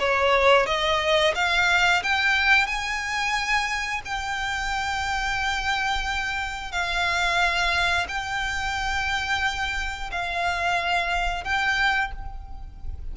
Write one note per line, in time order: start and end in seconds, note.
0.00 0.67 C#5
0.67 1.34 D#5
1.35 2.03 F5
2.04 2.67 G5
2.67 4.02 G#5
4.05 6.72 G5
6.72 8.07 F5
8.09 10.11 G5
10.12 11.45 F5
11.45 12.12 G5